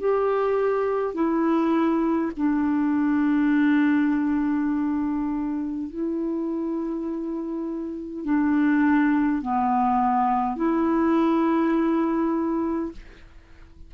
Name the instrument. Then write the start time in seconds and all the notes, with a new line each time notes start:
clarinet
0.00 G4
1.14 E4
2.37 D4
5.89 E4
8.25 D4
9.42 B3
10.56 E4